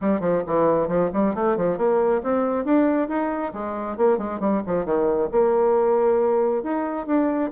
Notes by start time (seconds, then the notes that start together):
0.01 G3
0.20 F3
0.47 E3
0.87 F3
1.13 G3
1.35 A3
1.56 F3
1.77 A#3
2.23 C4
2.65 D4
3.08 D#4
3.53 G#3
3.97 A#3
4.18 G#3
4.40 G3
4.66 F3
4.85 D#3
5.31 A#3
6.63 D#4
7.06 D4